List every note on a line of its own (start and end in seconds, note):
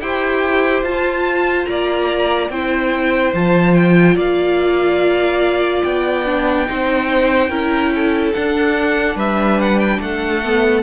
0.00 0.83 E4
0.00 0.85 G4
0.00 1.69 C5
0.00 0.83 G5
0.83 1.66 F4
0.83 2.51 F4
0.83 1.65 A5
1.65 2.49 A#3
1.65 2.52 D5
1.65 2.48 A#5
2.49 3.33 C4
2.49 3.34 E4
2.49 4.15 C5
2.49 3.34 G5
3.34 4.16 F3
3.34 6.26 F4
3.34 3.74 A5
3.74 4.16 G5
4.15 5.82 A#3
4.15 6.65 D5
4.15 5.83 F5
5.83 6.68 B3
5.83 8.33 G5
6.26 6.65 D4
6.65 7.49 C4
6.65 7.49 D#4
6.65 7.50 C5
7.49 8.32 C#4
7.49 8.34 E4
7.49 7.91 A#4
7.95 9.15 A4
8.34 10.43 D4
8.34 9.15 D4
8.34 9.17 F#5
9.15 9.98 G3
9.15 9.98 B4
9.15 9.60 E5
9.60 9.79 F#5
9.79 10.00 G5
10.00 10.82 A3
10.00 10.82 A4
10.00 10.82 F#5
10.43 10.82 B3